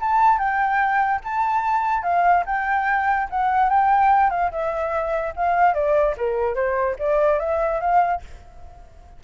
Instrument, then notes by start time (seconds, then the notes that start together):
flute
0.00 A5
0.39 G5
1.24 A5
2.03 F5
2.46 G5
3.30 F#5
3.70 G5
4.30 F5
4.51 E5
5.36 F5
5.74 D5
6.18 A#4
6.55 C5
6.99 D5
7.40 E5
7.81 F5